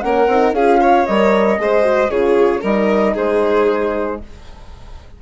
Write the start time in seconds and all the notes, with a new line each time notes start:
0.00 A#3 C#4 A#4 F#5
0.27 C4 D#4
0.52 C#4 F4 G#4 F5
0.80 C#5
1.06 G3 A#4 D#5
1.58 G#3 G#4 C5
1.82 F#4
2.09 C#3 F4 G#4 C#5
2.60 G3 D#4 A#4 D#5
3.14 G#3 G#4 C5